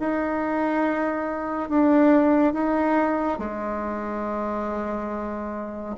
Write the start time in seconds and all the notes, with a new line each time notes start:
0.00 D#4
1.69 D4
2.54 D#4
3.39 G#3